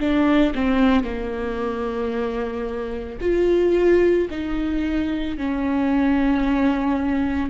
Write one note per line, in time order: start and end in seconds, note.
0.00 0.54 D4
0.55 1.04 C4
1.04 3.19 A#3
3.21 4.28 F4
4.31 5.38 D#4
5.38 7.50 C#4